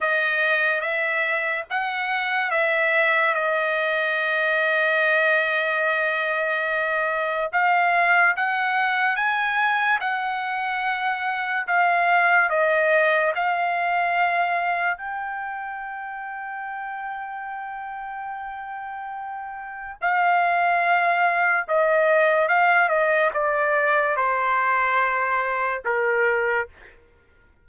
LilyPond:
\new Staff \with { instrumentName = "trumpet" } { \time 4/4 \tempo 4 = 72 dis''4 e''4 fis''4 e''4 | dis''1~ | dis''4 f''4 fis''4 gis''4 | fis''2 f''4 dis''4 |
f''2 g''2~ | g''1 | f''2 dis''4 f''8 dis''8 | d''4 c''2 ais'4 | }